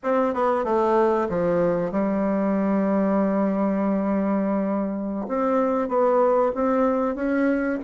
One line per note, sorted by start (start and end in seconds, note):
0.03 0.34 C4
0.34 0.64 B3
0.64 1.28 A3
1.29 1.91 F3
1.91 5.26 G3
5.28 5.88 C4
5.88 6.52 B3
6.55 7.15 C4
7.15 7.79 C#4